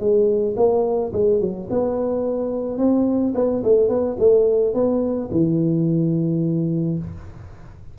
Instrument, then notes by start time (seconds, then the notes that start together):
tuba
0.00 G#3
0.57 A#3
1.13 G#3
1.41 F#3
1.70 B3
2.79 C4
3.36 B3
3.64 A3
3.89 B3
4.20 A3
4.74 B3
5.32 E3